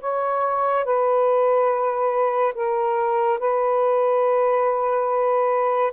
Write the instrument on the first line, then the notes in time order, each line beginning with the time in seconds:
saxophone
0.00 C#5
0.85 B4
2.54 A#4
3.39 B4